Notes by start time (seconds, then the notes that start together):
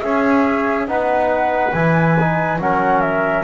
0.00 C#4 G#4 E5
0.87 B3 D#4 B4 F#5
1.72 E3 E4 G#5
2.19 D#4
2.58 F#3 C#4 A#4 F#5
3.01 E5